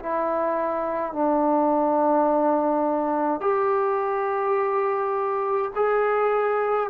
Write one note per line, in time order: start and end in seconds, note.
0.00 1.13 E4
1.13 3.41 D4
3.41 5.72 G4
5.76 6.90 G#4